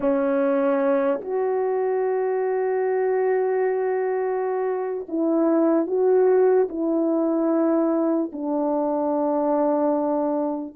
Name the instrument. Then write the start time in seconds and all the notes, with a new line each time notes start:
horn
0.00 C#4
1.21 F#4
5.08 E4
5.86 F#4
6.69 E4
8.32 D4